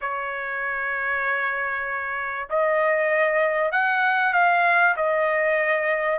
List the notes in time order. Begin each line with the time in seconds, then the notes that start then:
0.01 C#5
2.49 D#5
3.71 F#5
4.33 F5
4.96 D#5